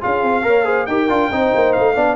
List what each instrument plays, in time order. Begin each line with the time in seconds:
0.00 tuba C#4, trombone F4, horn G#4, trumpet F5
0.22 tuba C4
0.42 tuba A#3, trombone A#4, horn C#5
0.64 trombone G#4, horn C5
0.86 tuba D#4, trombone G4, horn A#4, trumpet G5
1.09 tuba D4, trombone F4
1.31 tuba C4, trombone D#4, horn C5
1.55 tuba A#3
1.72 tuba A3, trumpet F5
1.93 tuba B3, trombone D4, horn D5